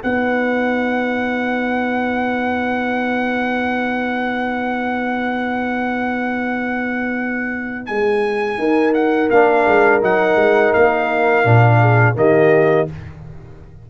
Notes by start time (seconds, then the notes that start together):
0.00 B3 D#4 B4 F#5
7.86 G#3 G#5
8.57 D#4 A#4
8.94 F#5
9.30 A#3 D4 F5
9.67 G#3
10.01 F#3 D#4 F#5
10.35 G#3
10.73 A#3 F5
11.44 A#2 D4
11.80 G#4
12.15 D#3 A#3 G4 D#5